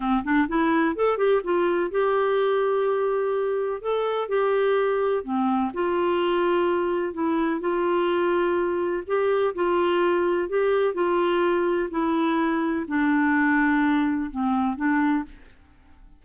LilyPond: \new Staff \with { instrumentName = "clarinet" } { \time 4/4 \tempo 4 = 126 c'8 d'8 e'4 a'8 g'8 f'4 | g'1 | a'4 g'2 c'4 | f'2. e'4 |
f'2. g'4 | f'2 g'4 f'4~ | f'4 e'2 d'4~ | d'2 c'4 d'4 | }